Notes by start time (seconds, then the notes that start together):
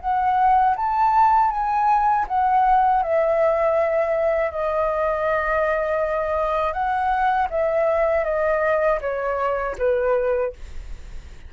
0.00 F#5
0.76 A5
1.50 G#5
2.27 F#5
3.02 E5
4.51 D#5
6.73 F#5
7.50 E5
8.24 D#5
9.01 C#5
9.78 B4